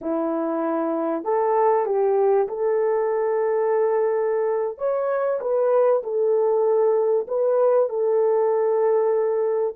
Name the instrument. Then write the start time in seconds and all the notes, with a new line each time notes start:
horn
0.01 E4
1.23 A4
1.85 G4
2.47 A4
4.77 C#5
5.40 B4
6.03 A4
7.27 B4
7.89 A4